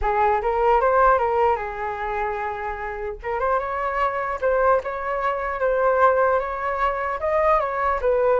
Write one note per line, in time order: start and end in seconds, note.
0.01 0.41 G#4
0.42 0.81 A#4
0.81 1.18 C5
1.18 1.56 A#4
1.56 3.16 G#4
3.22 3.39 A#4
3.39 3.59 C5
3.59 4.39 C#5
4.41 4.81 C5
4.83 5.60 C#5
5.60 6.39 C5
6.39 7.19 C#5
7.20 7.59 D#5
7.59 7.99 C#5
8.01 8.40 B4